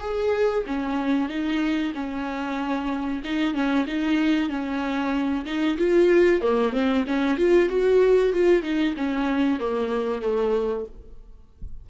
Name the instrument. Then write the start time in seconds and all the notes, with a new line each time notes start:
viola
0.00 G#4
0.66 C#4
1.29 D#4
1.94 C#4
3.24 D#4
3.54 C#4
3.87 D#4
4.49 C#4
5.45 D#4
5.78 F4
6.41 A#3
6.73 C4
7.07 C#4
7.37 F4
7.69 F#4
8.33 F4
8.63 D#4
8.96 C#4
9.59 A#3
10.22 A3